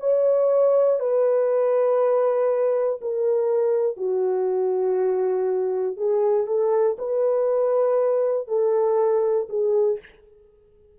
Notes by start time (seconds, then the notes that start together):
0.00 C#5
1.00 B4
3.01 A#4
3.97 F#4
5.97 G#4
6.47 A4
6.99 B4
8.48 A4
9.50 G#4